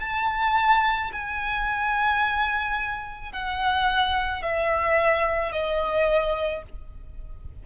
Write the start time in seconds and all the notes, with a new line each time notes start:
0.00 A5
1.12 G#5
3.32 F#5
4.42 E5
5.52 D#5